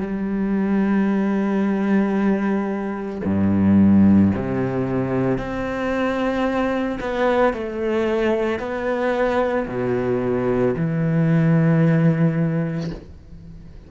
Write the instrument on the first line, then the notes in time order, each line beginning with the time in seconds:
cello
0.00 G3
3.24 G2
4.35 C3
5.38 C4
7.00 B3
7.53 A3
8.59 B3
9.67 B2
10.76 E3